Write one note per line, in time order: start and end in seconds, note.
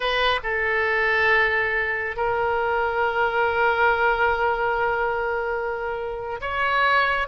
0.00 0.40 B4
0.43 2.16 A4
2.16 6.40 A#4
6.40 7.27 C#5